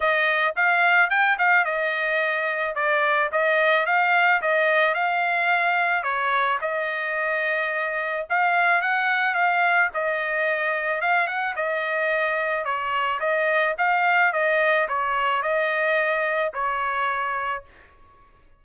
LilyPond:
\new Staff \with { instrumentName = "trumpet" } { \time 4/4 \tempo 4 = 109 dis''4 f''4 g''8 f''8 dis''4~ | dis''4 d''4 dis''4 f''4 | dis''4 f''2 cis''4 | dis''2. f''4 |
fis''4 f''4 dis''2 | f''8 fis''8 dis''2 cis''4 | dis''4 f''4 dis''4 cis''4 | dis''2 cis''2 | }